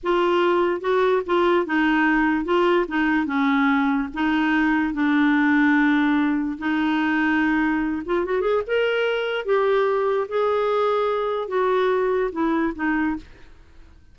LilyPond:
\new Staff \with { instrumentName = "clarinet" } { \time 4/4 \tempo 4 = 146 f'2 fis'4 f'4 | dis'2 f'4 dis'4 | cis'2 dis'2 | d'1 |
dis'2.~ dis'8 f'8 | fis'8 gis'8 ais'2 g'4~ | g'4 gis'2. | fis'2 e'4 dis'4 | }